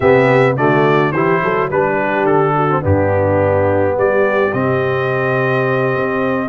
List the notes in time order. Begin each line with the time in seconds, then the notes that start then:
0.00 C3 B3 G4 E5
0.56 D3 A3 F#4 D5
1.12 E3 E4 G4 C5
1.43 F#3 A4
1.69 G3 D4 B4
1.97 G4
2.24 D3 A4
2.55 F#4
2.69 C4
2.80 G2 B3 D4 G4
3.97 G3 G4 D5
4.52 C3 C4 D#5
5.95 C4